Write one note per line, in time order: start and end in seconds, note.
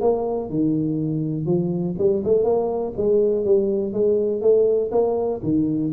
0.00 0.49 A#3
0.49 1.45 D#3
1.45 1.94 F3
1.98 2.22 G3
2.24 2.43 A3
2.43 2.93 A#3
2.96 3.44 G#3
3.44 3.93 G3
3.93 4.41 G#3
4.41 4.90 A3
4.91 5.40 A#3
5.43 5.92 D#3